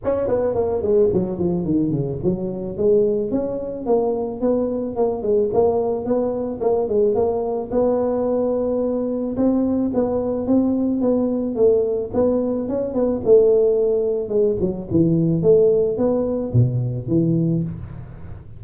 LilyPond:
\new Staff \with { instrumentName = "tuba" } { \time 4/4 \tempo 4 = 109 cis'8 b8 ais8 gis8 fis8 f8 dis8 cis8 | fis4 gis4 cis'4 ais4 | b4 ais8 gis8 ais4 b4 | ais8 gis8 ais4 b2~ |
b4 c'4 b4 c'4 | b4 a4 b4 cis'8 b8 | a2 gis8 fis8 e4 | a4 b4 b,4 e4 | }